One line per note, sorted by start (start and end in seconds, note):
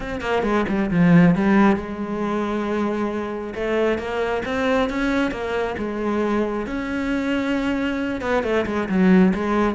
0.00 0.20 C4
0.20 0.43 A#3
0.43 0.65 G#3
0.68 0.90 G3
0.90 1.35 F3
1.35 1.76 G3
1.76 3.54 G#3
3.55 3.98 A3
3.98 4.43 A#3
4.45 4.89 C4
4.89 5.31 C#4
5.31 5.75 A#3
5.78 6.66 G#3
6.66 8.21 C#4
8.21 8.43 B3
8.43 8.65 A3
8.66 8.88 G#3
8.88 9.33 F#3
9.34 9.74 G#3